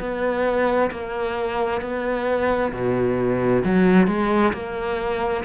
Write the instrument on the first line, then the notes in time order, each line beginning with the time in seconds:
cello
0.00 B3
0.91 A#3
1.81 B3
2.73 B2
3.65 F#3
4.07 G#3
4.54 A#3